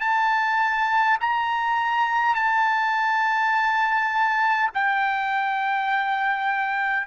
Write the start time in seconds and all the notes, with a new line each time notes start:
0.00 A5
1.20 A#5
2.35 A5
4.74 G5